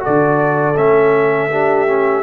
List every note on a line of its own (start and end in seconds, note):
0.00 0.74 F#4
0.00 1.51 A4
0.00 0.78 D5
0.07 0.77 D3
0.77 2.23 A3
0.77 1.51 C#4
0.77 2.23 E5
1.51 1.88 D4
1.51 2.23 G4
1.88 2.23 C#4